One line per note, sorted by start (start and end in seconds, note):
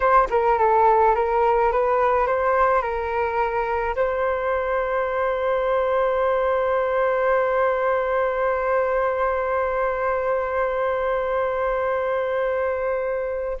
0.00 0.28 C5
0.30 0.58 A#4
0.58 1.15 A4
1.15 1.71 A#4
1.71 2.26 B4
2.26 2.81 C5
2.81 3.95 A#4
3.95 13.57 C5